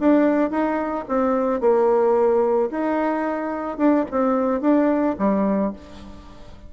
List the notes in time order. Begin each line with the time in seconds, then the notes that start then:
0.00 D4
0.51 D#4
1.09 C4
1.61 A#3
2.71 D#4
3.78 D4
4.12 C4
4.62 D4
5.19 G3